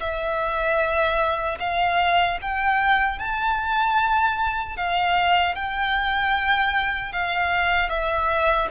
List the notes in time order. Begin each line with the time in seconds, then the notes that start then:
0.00 E5
1.60 F5
2.42 G5
3.19 A5
4.77 F5
5.55 G5
7.12 F5
7.89 E5